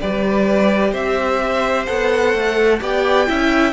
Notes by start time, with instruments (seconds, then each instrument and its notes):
0.00 cello G3, viola G4, violin B4 D5
0.91 cello C4, violin C5 E5
1.86 cello B3, viola A4, violin F#5
2.34 cello A3
2.80 cello B3, viola G4, violin D5 G5
3.27 cello C#4, viola E4, violin E5